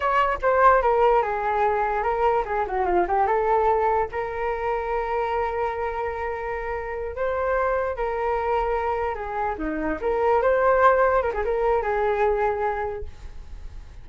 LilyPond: \new Staff \with { instrumentName = "flute" } { \time 4/4 \tempo 4 = 147 cis''4 c''4 ais'4 gis'4~ | gis'4 ais'4 gis'8 fis'8 f'8 g'8 | a'2 ais'2~ | ais'1~ |
ais'4. c''2 ais'8~ | ais'2~ ais'8 gis'4 dis'8~ | dis'8 ais'4 c''2 ais'16 gis'16 | ais'4 gis'2. | }